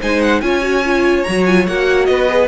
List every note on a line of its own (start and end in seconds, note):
0.00 0.41 G#3
0.00 0.42 D#4
0.00 0.41 C5
0.00 0.21 G#5
0.21 0.40 F#5
0.40 1.24 C#4
0.40 0.61 F4
0.40 2.09 C#5
0.40 1.23 G#5
0.61 0.82 F#4
0.84 1.26 F4
1.23 1.67 F#3
1.23 1.43 A#5
1.29 1.47 F#4
1.46 1.67 F4
1.46 1.66 G#5
1.67 2.08 A#3
1.67 2.28 F#4
1.67 2.05 F#5
2.05 2.48 B3
2.05 2.48 B4
2.05 2.46 D#5
2.28 2.48 G#4